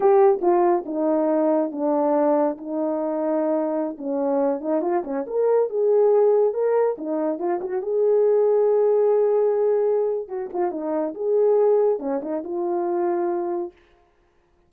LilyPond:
\new Staff \with { instrumentName = "horn" } { \time 4/4 \tempo 4 = 140 g'4 f'4 dis'2 | d'2 dis'2~ | dis'4~ dis'16 cis'4. dis'8 f'8 cis'16~ | cis'16 ais'4 gis'2 ais'8.~ |
ais'16 dis'4 f'8 fis'8 gis'4.~ gis'16~ | gis'1 | fis'8 f'8 dis'4 gis'2 | cis'8 dis'8 f'2. | }